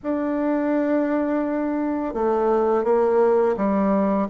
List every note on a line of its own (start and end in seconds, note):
0.03 2.14 D4
2.14 2.84 A3
2.84 3.55 A#3
3.56 4.28 G3